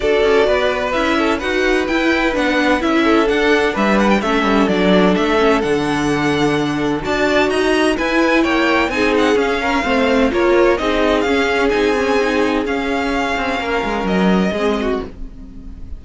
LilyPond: <<
  \new Staff \with { instrumentName = "violin" } { \time 4/4 \tempo 4 = 128 d''2 e''4 fis''4 | g''4 fis''4 e''4 fis''4 | e''8 fis''16 g''16 e''4 d''4 e''4 | fis''2. a''4 |
ais''4 gis''4 g''4 gis''8 fis''8 | f''2 cis''4 dis''4 | f''4 gis''2 f''4~ | f''2 dis''2 | }
  \new Staff \with { instrumentName = "violin" } { \time 4/4 a'4 b'4. a'8 b'4~ | b'2~ b'8 a'4. | b'4 a'2.~ | a'2. d''4 |
dis''4 b'4 cis''4 gis'4~ | gis'8 ais'8 c''4 ais'4 gis'4~ | gis'1~ | gis'4 ais'2 gis'8 fis'8 | }
  \new Staff \with { instrumentName = "viola" } { \time 4/4 fis'2 e'4 fis'4 | e'4 d'4 e'4 d'4~ | d'4 cis'4 d'4. cis'8 | d'2. fis'4~ |
fis'4 e'2 dis'4 | cis'4 c'4 f'4 dis'4 | cis'4 dis'8 cis'8 dis'4 cis'4~ | cis'2. c'4 | }
  \new Staff \with { instrumentName = "cello" } { \time 4/4 d'8 cis'8 b4 cis'4 dis'4 | e'4 b4 cis'4 d'4 | g4 a8 g8 fis4 a4 | d2. d'4 |
dis'4 e'4 ais4 c'4 | cis'4 a4 ais4 c'4 | cis'4 c'2 cis'4~ | cis'8 c'8 ais8 gis8 fis4 gis4 | }
>>